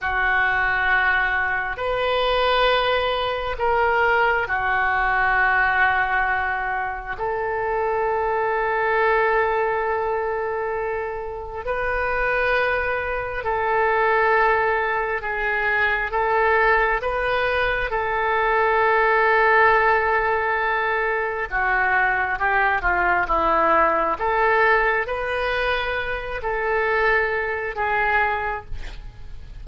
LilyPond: \new Staff \with { instrumentName = "oboe" } { \time 4/4 \tempo 4 = 67 fis'2 b'2 | ais'4 fis'2. | a'1~ | a'4 b'2 a'4~ |
a'4 gis'4 a'4 b'4 | a'1 | fis'4 g'8 f'8 e'4 a'4 | b'4. a'4. gis'4 | }